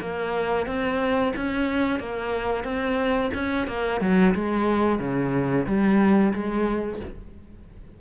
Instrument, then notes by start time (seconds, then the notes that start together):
cello
0.00 A#3
0.66 C4
1.35 C#4
1.99 A#3
2.64 C4
3.34 C#4
3.67 A#3
4.00 F#3
4.34 G#3
4.99 C#3
5.66 G3
6.33 G#3